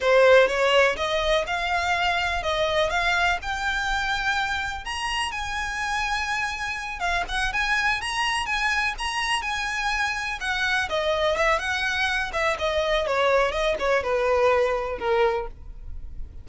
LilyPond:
\new Staff \with { instrumentName = "violin" } { \time 4/4 \tempo 4 = 124 c''4 cis''4 dis''4 f''4~ | f''4 dis''4 f''4 g''4~ | g''2 ais''4 gis''4~ | gis''2~ gis''8 f''8 fis''8 gis''8~ |
gis''8 ais''4 gis''4 ais''4 gis''8~ | gis''4. fis''4 dis''4 e''8 | fis''4. e''8 dis''4 cis''4 | dis''8 cis''8 b'2 ais'4 | }